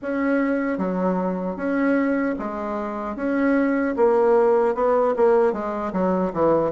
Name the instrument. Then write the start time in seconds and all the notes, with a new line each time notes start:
bassoon
0.02 C#4
0.78 F#3
1.56 C#4
2.38 G#3
3.16 C#4
3.96 A#3
4.74 B3
5.16 A#3
5.53 G#3
5.92 F#3
6.33 E3